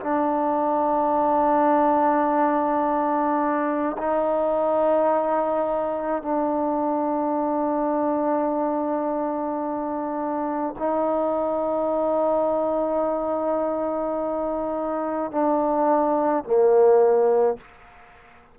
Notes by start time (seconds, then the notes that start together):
0.00 D4
3.97 D#4
6.22 D4
10.79 D#4
15.31 D4
16.44 A#3